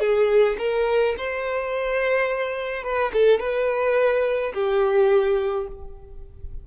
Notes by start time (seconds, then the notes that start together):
0.00 G#4
0.59 A#4
1.18 C5
2.84 B4
3.13 A4
3.40 B4
4.54 G4